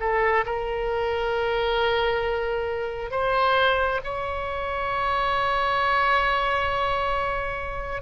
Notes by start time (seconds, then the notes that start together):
0.00 A4
0.45 A#4
3.11 C5
4.04 C#5